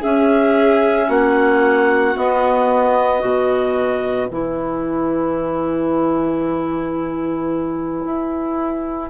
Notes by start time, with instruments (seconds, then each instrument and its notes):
0.00 clarinet C#4 E5, bassoon C#4, violin G#4
1.07 bassoon A#3, violin F#4, clarinet F#5
2.15 clarinet B3 D#5, bassoon B3
3.20 bassoon B2, clarinet F#4, violin B4
4.28 bassoon E3, clarinet E4 G#5
8.04 bassoon E4